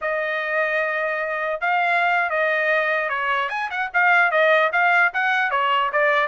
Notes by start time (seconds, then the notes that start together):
0.01 D#5
1.60 F5
2.30 D#5
3.09 C#5
3.49 G#5
3.70 F#5
3.93 F5
4.31 D#5
4.72 F5
5.13 F#5
5.50 C#5
5.92 D5